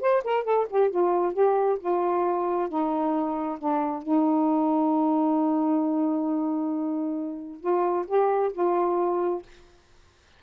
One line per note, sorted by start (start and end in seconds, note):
0.00 0.22 C5
0.24 0.44 A#4
0.44 0.66 A4
0.70 0.90 G4
0.90 1.33 F4
1.33 1.78 G4
1.80 2.69 F4
2.69 3.58 D#4
3.59 4.02 D4
4.02 7.60 D#4
7.60 8.05 F4
8.07 8.52 G4
8.53 9.42 F4